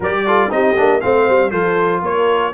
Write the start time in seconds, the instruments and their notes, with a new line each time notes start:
0.00 tuba G3, trombone G4, horn A#4, trumpet D5
0.26 trombone F4, horn A4
0.49 tuba C4, trombone D#4, horn G4, trumpet D#5
0.77 tuba A#3, trombone D4
1.00 tuba A3, trombone C4, horn C5, trumpet F5
1.28 tuba G3
1.50 tuba F3, trombone F4, horn A4, trumpet C5
2.02 tuba A#3, horn A#4, trumpet C#5